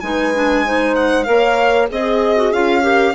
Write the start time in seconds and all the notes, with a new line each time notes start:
0.00 G#3 D#4 B4 G#5
0.34 D4
0.65 D#4 C5
0.95 F#5
1.23 A#3 A#4 C#5 F5
1.88 C4 G#4 D#5
2.36 F#4
2.52 C#4 F4 F5
2.82 G4 A#4